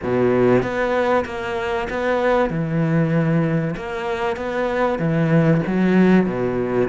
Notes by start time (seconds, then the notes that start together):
0.03 B2
0.62 B3
1.25 A#3
1.89 B3
2.49 E3
3.76 A#3
4.36 B3
4.98 E3
5.66 F#3
6.26 B2